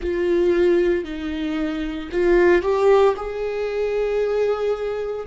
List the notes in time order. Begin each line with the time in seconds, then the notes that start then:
0.01 F4
1.04 D#4
2.11 F4
2.62 G4
3.16 G#4